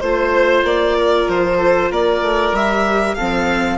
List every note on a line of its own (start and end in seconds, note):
0.00 0.63 A3
0.00 2.55 F4
0.00 0.63 C5
0.00 0.98 C5
0.63 1.26 A#3
0.63 1.29 D5
0.98 1.58 A#4
1.27 1.91 F3
1.27 1.92 C5
1.58 1.89 A4
1.91 2.22 A#3
1.91 3.16 A#4
1.91 2.55 D5
2.22 2.52 A3
2.52 3.15 G3
2.52 3.18 G4
2.52 3.14 E5
3.14 3.78 F3
3.14 3.78 C4
3.14 3.78 A4
3.14 3.77 F5